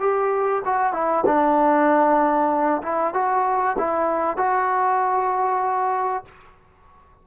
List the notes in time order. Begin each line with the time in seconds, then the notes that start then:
0.00 G4
0.65 F#4
0.93 E4
1.26 D4
2.83 E4
3.14 F#4
3.79 E4
4.38 F#4